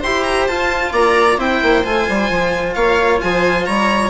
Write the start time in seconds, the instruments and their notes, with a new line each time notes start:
0.00 bassoon E4, cello G4, viola C5, violin C6
0.23 violin A#5
0.47 bassoon F4, cello F4, violin A5
0.92 bassoon A#3, viola D5, violin A#5
1.37 bassoon C4, cello E4, viola C5, violin G5
1.62 bassoon A#3
1.84 bassoon A3, cello F4, violin G#5
2.08 bassoon G3
2.30 bassoon F3
2.73 bassoon A#3, viola C#5, violin F5
3.21 bassoon F3, viola C5, violin G#5
3.65 bassoon G3, viola C#5, violin A#5